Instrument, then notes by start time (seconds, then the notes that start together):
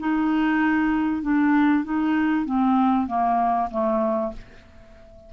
clarinet
0.00 D#4
1.23 D4
1.85 D#4
2.46 C4
3.08 A#3
3.71 A3